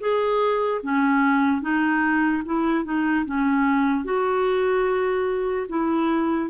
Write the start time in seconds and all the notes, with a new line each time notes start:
0.00 G#4
0.83 C#4
1.61 D#4
2.45 E4
2.84 D#4
3.25 C#4
4.04 F#4
5.69 E4